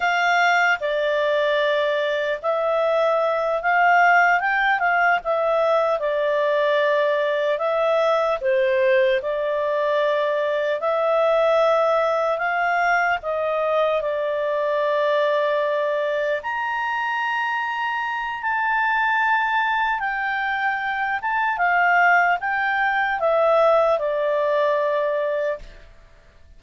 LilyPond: \new Staff \with { instrumentName = "clarinet" } { \time 4/4 \tempo 4 = 75 f''4 d''2 e''4~ | e''8 f''4 g''8 f''8 e''4 d''8~ | d''4. e''4 c''4 d''8~ | d''4. e''2 f''8~ |
f''8 dis''4 d''2~ d''8~ | d''8 ais''2~ ais''8 a''4~ | a''4 g''4. a''8 f''4 | g''4 e''4 d''2 | }